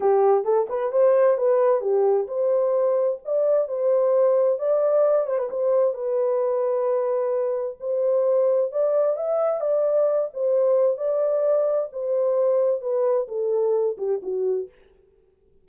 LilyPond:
\new Staff \with { instrumentName = "horn" } { \time 4/4 \tempo 4 = 131 g'4 a'8 b'8 c''4 b'4 | g'4 c''2 d''4 | c''2 d''4. c''16 b'16 | c''4 b'2.~ |
b'4 c''2 d''4 | e''4 d''4. c''4. | d''2 c''2 | b'4 a'4. g'8 fis'4 | }